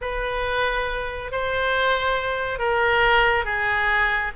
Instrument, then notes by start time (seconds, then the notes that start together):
oboe
0.01 B4
1.31 C5
2.58 A#4
3.44 G#4